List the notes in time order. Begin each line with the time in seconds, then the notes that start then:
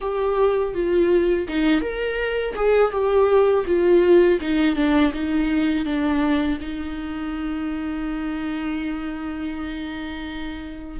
0.00 G4
0.74 F4
1.48 D#4
1.81 A#4
2.55 G#4
2.91 G4
3.66 F4
4.40 D#4
4.75 D4
5.13 D#4
5.85 D4
6.61 D#4